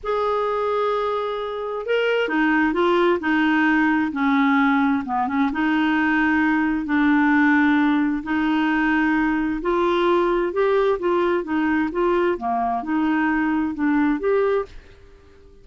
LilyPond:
\new Staff \with { instrumentName = "clarinet" } { \time 4/4 \tempo 4 = 131 gis'1 | ais'4 dis'4 f'4 dis'4~ | dis'4 cis'2 b8 cis'8 | dis'2. d'4~ |
d'2 dis'2~ | dis'4 f'2 g'4 | f'4 dis'4 f'4 ais4 | dis'2 d'4 g'4 | }